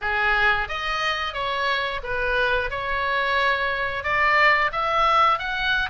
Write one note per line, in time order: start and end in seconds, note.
0.01 0.68 G#4
0.68 1.33 D#5
1.33 2.00 C#5
2.03 2.70 B4
2.70 4.03 C#5
4.03 4.71 D5
4.72 5.38 E5
5.38 5.89 F#5